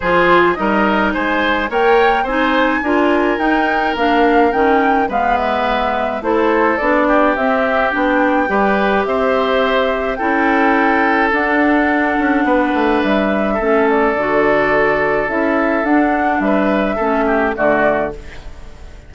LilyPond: <<
  \new Staff \with { instrumentName = "flute" } { \time 4/4 \tempo 4 = 106 c''4 dis''4 gis''4 g''4 | gis''2 g''4 f''4 | g''4 f''8 e''4. c''4 | d''4 e''4 g''2 |
e''2 g''2 | fis''2. e''4~ | e''8 d''2~ d''8 e''4 | fis''4 e''2 d''4 | }
  \new Staff \with { instrumentName = "oboe" } { \time 4/4 gis'4 ais'4 c''4 cis''4 | c''4 ais'2.~ | ais'4 b'2 a'4~ | a'8 g'2~ g'8 b'4 |
c''2 a'2~ | a'2 b'2 | a'1~ | a'4 b'4 a'8 g'8 fis'4 | }
  \new Staff \with { instrumentName = "clarinet" } { \time 4/4 f'4 dis'2 ais'4 | dis'4 f'4 dis'4 d'4 | cis'4 b2 e'4 | d'4 c'4 d'4 g'4~ |
g'2 e'2 | d'1 | cis'4 fis'2 e'4 | d'2 cis'4 a4 | }
  \new Staff \with { instrumentName = "bassoon" } { \time 4/4 f4 g4 gis4 ais4 | c'4 d'4 dis'4 ais4 | dis4 gis2 a4 | b4 c'4 b4 g4 |
c'2 cis'2 | d'4. cis'8 b8 a8 g4 | a4 d2 cis'4 | d'4 g4 a4 d4 | }
>>